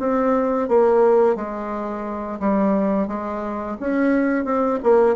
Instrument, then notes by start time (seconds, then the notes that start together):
bassoon
0.00 C4
0.69 A#3
1.36 G#3
2.40 G3
3.08 G#3
3.80 C#4
4.45 C4
4.83 A#3